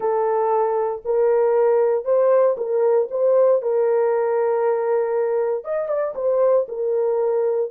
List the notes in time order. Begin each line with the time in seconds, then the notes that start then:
0.00 A4
1.04 A#4
2.04 C5
2.57 A#4
3.10 C5
3.62 A#4
5.64 D#5
5.88 D5
6.15 C5
6.68 A#4